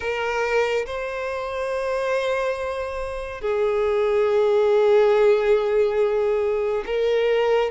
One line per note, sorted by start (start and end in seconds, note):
0.00 0.85 A#4
0.86 3.41 C5
3.41 6.84 G#4
6.86 7.71 A#4